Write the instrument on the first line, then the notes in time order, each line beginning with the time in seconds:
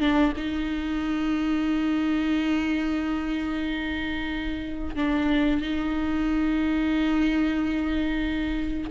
viola
0.00 D4
0.37 D#4
4.96 D4
5.61 D#4